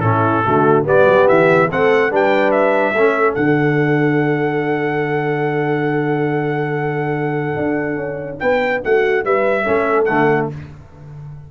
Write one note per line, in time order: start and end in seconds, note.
0.00 0.43 A2
0.00 0.44 C#4
0.00 0.44 E4
0.00 0.84 A4
0.44 0.85 D3
0.44 0.85 A3
0.44 0.86 F#4
0.85 1.05 G3
0.85 1.69 B3
0.85 1.69 G4
0.85 1.28 D5
1.05 1.26 F#3
1.28 1.71 E3
1.28 1.70 E5
1.69 2.11 A3
1.69 2.10 C4
1.69 2.10 A4
1.69 2.13 F#5
2.10 2.93 G3
2.10 2.94 D4
2.10 2.94 B4
2.10 2.51 G5
2.51 3.34 E5
2.93 3.35 A3
2.93 3.36 C#4
2.93 8.40 A4
3.34 7.56 D3
3.34 9.64 D4
3.34 8.37 F#5
7.56 7.96 D4
7.96 8.38 C#4
8.39 8.84 B3
8.39 8.82 B4
8.39 8.81 G5
8.83 9.24 A3
8.83 9.24 F#4
8.83 9.25 F#5
9.24 9.66 G3
9.24 9.63 B4
9.24 10.04 E5
9.63 10.09 A3
9.63 10.06 C#4
9.63 10.47 A4
10.04 10.51 D3
10.04 10.50 A3
10.04 10.46 F#5